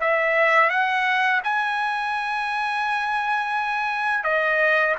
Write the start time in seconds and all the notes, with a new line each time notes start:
0.00 E5
0.69 F#5
1.44 G#5
4.24 D#5